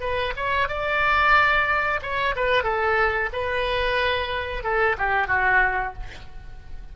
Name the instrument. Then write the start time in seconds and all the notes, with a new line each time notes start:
oboe
0.00 B4
0.36 C#5
0.68 D5
2.02 C#5
2.36 B4
2.63 A4
3.33 B4
4.63 A4
4.98 G4
5.27 F#4